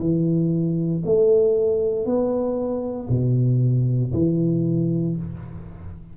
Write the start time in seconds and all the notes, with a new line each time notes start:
0.00 E3
1.06 A3
2.06 B3
3.10 B2
4.14 E3